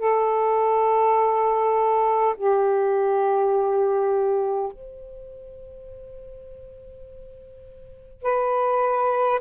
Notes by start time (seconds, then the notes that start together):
0.00 A4
2.37 G4
4.73 C5
8.23 B4